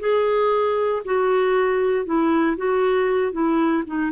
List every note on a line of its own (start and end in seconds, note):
0.00 1.03 G#4
1.05 2.06 F#4
2.06 2.57 E4
2.57 3.32 F#4
3.32 3.84 E4
3.87 4.12 D#4